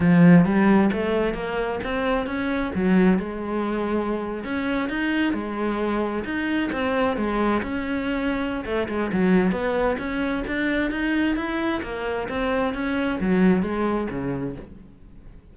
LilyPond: \new Staff \with { instrumentName = "cello" } { \time 4/4 \tempo 4 = 132 f4 g4 a4 ais4 | c'4 cis'4 fis4 gis4~ | gis4.~ gis16 cis'4 dis'4 gis16~ | gis4.~ gis16 dis'4 c'4 gis16~ |
gis8. cis'2~ cis'16 a8 gis8 | fis4 b4 cis'4 d'4 | dis'4 e'4 ais4 c'4 | cis'4 fis4 gis4 cis4 | }